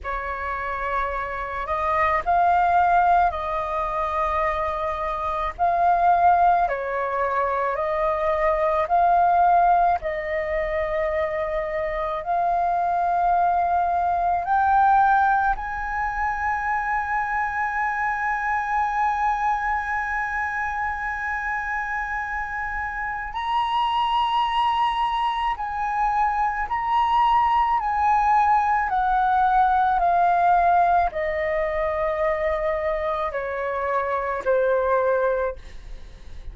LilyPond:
\new Staff \with { instrumentName = "flute" } { \time 4/4 \tempo 4 = 54 cis''4. dis''8 f''4 dis''4~ | dis''4 f''4 cis''4 dis''4 | f''4 dis''2 f''4~ | f''4 g''4 gis''2~ |
gis''1~ | gis''4 ais''2 gis''4 | ais''4 gis''4 fis''4 f''4 | dis''2 cis''4 c''4 | }